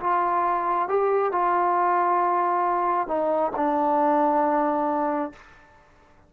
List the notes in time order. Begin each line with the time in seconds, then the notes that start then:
0.00 F4
0.89 G4
1.32 F4
3.08 D#4
3.56 D4